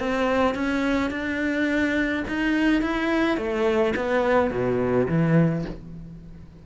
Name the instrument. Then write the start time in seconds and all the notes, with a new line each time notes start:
cello
0.00 C4
0.55 C#4
1.11 D4
2.28 D#4
2.83 E4
3.38 A3
3.96 B3
4.51 B2
5.09 E3